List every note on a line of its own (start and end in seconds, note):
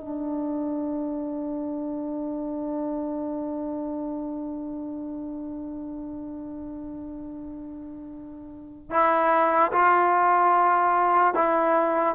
0.00 8.91 D4
8.91 9.72 E4
9.72 11.34 F4
11.35 12.15 E4